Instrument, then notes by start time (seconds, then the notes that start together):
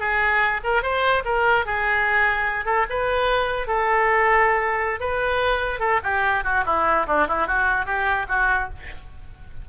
oboe
0.00 G#4
0.64 A#4
0.83 C5
1.25 A#4
1.66 G#4
2.66 A4
2.90 B4
3.68 A4
5.00 B4
5.80 A4
6.04 G4
6.45 F#4
6.66 E4
7.07 D4
7.28 E4
7.47 F#4
7.86 G4
8.29 F#4